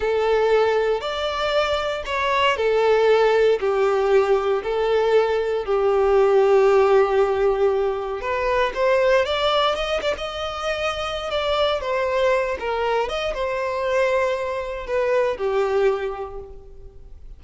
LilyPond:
\new Staff \with { instrumentName = "violin" } { \time 4/4 \tempo 4 = 117 a'2 d''2 | cis''4 a'2 g'4~ | g'4 a'2 g'4~ | g'1 |
b'4 c''4 d''4 dis''8 d''16 dis''16~ | dis''2 d''4 c''4~ | c''8 ais'4 dis''8 c''2~ | c''4 b'4 g'2 | }